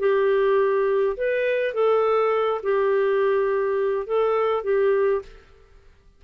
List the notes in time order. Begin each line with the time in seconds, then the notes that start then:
0.00 G4
1.17 B4
1.74 A4
2.63 G4
4.07 A4
4.64 G4